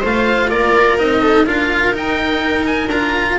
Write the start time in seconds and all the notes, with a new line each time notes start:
0.00 A3 F4 C5 F5
0.49 A#3 A#4 D5
0.98 C4 D#4 D#5
1.21 A4
1.46 D4 F4 A#4 F5
1.93 D#4 G5
2.65 G#5
2.87 D4 F4 A#5